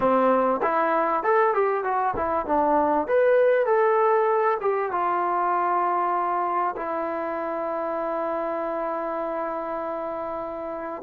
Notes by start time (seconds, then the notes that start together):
0.00 C4
0.62 E4
1.23 A4
1.54 G4
1.84 F#4
2.16 E4
2.46 D4
3.08 B4
3.66 A4
4.61 G4
4.91 F4
6.76 E4